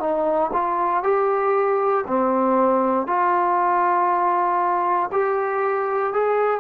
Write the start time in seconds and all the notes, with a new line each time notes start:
0.00 D#4
0.53 F4
1.03 G4
2.07 C4
3.06 F4
5.12 G4
6.13 G#4